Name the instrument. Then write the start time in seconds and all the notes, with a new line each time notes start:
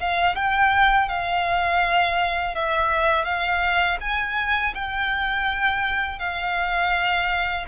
violin
0.00 F5
0.36 G5
1.09 F5
2.55 E5
3.25 F5
4.01 G#5
4.75 G5
6.19 F5